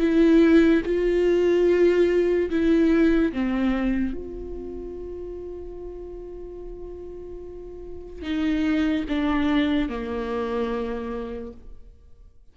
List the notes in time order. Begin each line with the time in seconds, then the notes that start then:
0.00 E4
0.86 F4
2.50 E4
3.33 C4
4.14 F4
8.23 D#4
9.09 D4
9.89 A#3